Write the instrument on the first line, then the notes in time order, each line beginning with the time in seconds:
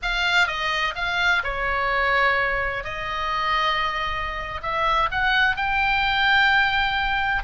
oboe
0.02 F5
0.47 D#5
0.95 F5
1.43 C#5
2.83 D#5
4.62 E5
5.11 F#5
5.56 G5